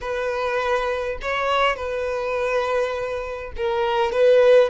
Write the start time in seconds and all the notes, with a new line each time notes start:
0.01 B4
1.21 C#5
1.76 B4
3.56 A#4
4.12 B4